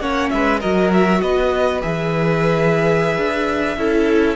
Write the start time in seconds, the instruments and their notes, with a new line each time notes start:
0.00 cello A#3, viola C#4, violin C#5 F#5
0.30 cello G#3, violin B4 E5
0.60 cello F#3, viola F#4, violin A#4 D#5
0.93 violin E5
1.22 cello B3, violin B4 D#5
1.82 cello E3, viola G#4, violin E5
3.18 cello D4
3.78 cello C#4, viola E4, violin A4